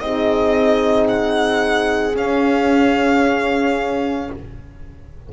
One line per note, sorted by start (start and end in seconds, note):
0.00 2.15 C4
0.00 2.13 D#4
0.00 4.33 G#4
0.00 1.07 D#5
1.08 2.15 F#5
2.13 4.27 C#4
2.13 4.29 C#4
2.13 4.31 F5